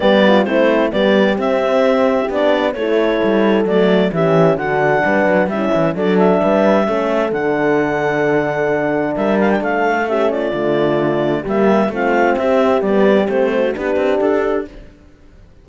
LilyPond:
<<
  \new Staff \with { instrumentName = "clarinet" } { \time 4/4 \tempo 4 = 131 d''4 c''4 d''4 e''4~ | e''4 d''4 cis''2 | d''4 e''4 fis''2 | e''4 d''8 e''2~ e''8 |
fis''1 | e''8 f''16 g''16 f''4 e''8 d''4.~ | d''4 e''4 f''4 e''4 | d''4 c''4 b'4 a'4 | }
  \new Staff \with { instrumentName = "horn" } { \time 4/4 g'8 f'8 e'4 g'2~ | g'2 a'2~ | a'4 g'4 fis'4 b'4 | e'4 a'4 b'4 a'4~ |
a'1 | ais'4 a'4 g'8 f'4.~ | f'4 g'4 f'4 g'4~ | g'4. fis'8 g'2 | }
  \new Staff \with { instrumentName = "horn" } { \time 4/4 b4 c'4 b4 c'4~ | c'4 d'4 e'2 | a4 cis'4 d'2 | cis'4 d'2 cis'4 |
d'1~ | d'2 cis'4 a4~ | a4 ais4 c'2 | b4 c'4 d'2 | }
  \new Staff \with { instrumentName = "cello" } { \time 4/4 g4 a4 g4 c'4~ | c'4 b4 a4 g4 | fis4 e4 d4 g8 fis8 | g8 e8 fis4 g4 a4 |
d1 | g4 a2 d4~ | d4 g4 a4 c'4 | g4 a4 b8 c'8 d'4 | }
>>